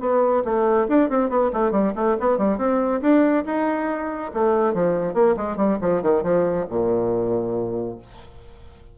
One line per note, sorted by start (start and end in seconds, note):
0.00 0.43 B3
0.45 0.87 A3
0.88 1.09 D4
1.09 1.29 C4
1.29 1.50 B3
1.53 1.71 A3
1.71 1.93 G3
1.95 2.16 A3
2.20 2.37 B3
2.37 2.58 G3
2.58 3.01 C4
3.01 3.44 D4
3.46 4.31 D#4
4.34 4.74 A3
4.74 5.14 F3
5.14 5.35 A#3
5.36 5.57 G#3
5.57 5.78 G3
5.81 6.02 F3
6.02 6.23 D#3
6.23 6.65 F3
6.69 7.98 A#2